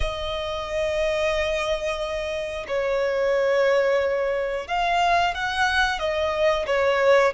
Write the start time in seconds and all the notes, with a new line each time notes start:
0.00 D#5
2.67 C#5
4.67 F5
5.34 F#5
5.98 D#5
6.66 C#5